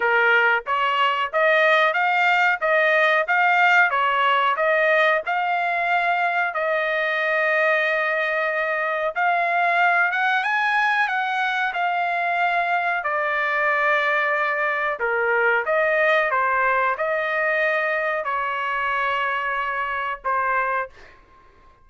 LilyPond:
\new Staff \with { instrumentName = "trumpet" } { \time 4/4 \tempo 4 = 92 ais'4 cis''4 dis''4 f''4 | dis''4 f''4 cis''4 dis''4 | f''2 dis''2~ | dis''2 f''4. fis''8 |
gis''4 fis''4 f''2 | d''2. ais'4 | dis''4 c''4 dis''2 | cis''2. c''4 | }